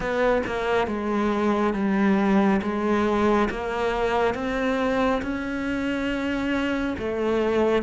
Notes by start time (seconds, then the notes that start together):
0.00 B3
0.46 A#3
0.87 G#3
1.74 G3
2.61 G#3
3.50 A#3
4.34 C4
5.22 C#4
6.98 A3